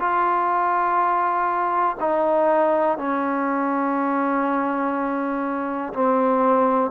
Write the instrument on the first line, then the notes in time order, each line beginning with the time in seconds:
trombone
0.00 F4
2.00 D#4
2.98 C#4
5.94 C4